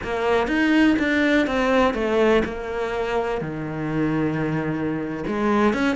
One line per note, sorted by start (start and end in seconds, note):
0.03 0.47 A#3
0.47 0.96 D#4
0.98 1.46 D4
1.46 1.94 C4
1.94 2.43 A3
2.44 3.41 A#3
3.41 5.24 D#3
5.27 5.73 G#3
5.73 5.95 C#4